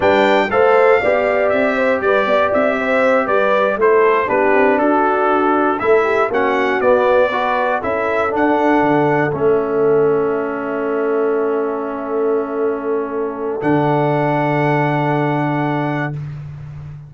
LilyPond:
<<
  \new Staff \with { instrumentName = "trumpet" } { \time 4/4 \tempo 4 = 119 g''4 f''2 e''4 | d''4 e''4. d''4 c''8~ | c''8 b'4 a'2 e''8~ | e''8 fis''4 d''2 e''8~ |
e''8 fis''2 e''4.~ | e''1~ | e''2. fis''4~ | fis''1 | }
  \new Staff \with { instrumentName = "horn" } { \time 4/4 b'4 c''4 d''4. c''8 | b'8 d''4 c''4 b'4 a'8~ | a'8 g'4 fis'2 a'8 | g'8 fis'2 b'4 a'8~ |
a'1~ | a'1~ | a'1~ | a'1 | }
  \new Staff \with { instrumentName = "trombone" } { \time 4/4 d'4 a'4 g'2~ | g'2.~ g'8 e'8~ | e'8 d'2. e'8~ | e'8 cis'4 b4 fis'4 e'8~ |
e'8 d'2 cis'4.~ | cis'1~ | cis'2. d'4~ | d'1 | }
  \new Staff \with { instrumentName = "tuba" } { \time 4/4 g4 a4 b4 c'4 | g8 b8 c'4. g4 a8~ | a8 b8 c'8 d'2 a8~ | a8 ais4 b2 cis'8~ |
cis'8 d'4 d4 a4.~ | a1~ | a2. d4~ | d1 | }
>>